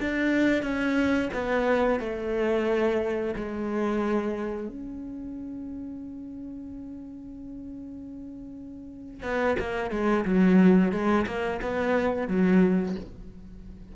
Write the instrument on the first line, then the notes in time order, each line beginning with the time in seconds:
cello
0.00 D4
0.63 C#4
1.33 B3
2.00 A3
3.36 G#3
4.68 C#4
9.22 B3
9.59 A#3
9.91 G#3
10.25 F#3
10.92 G#3
11.26 A#3
11.62 B3
12.28 F#3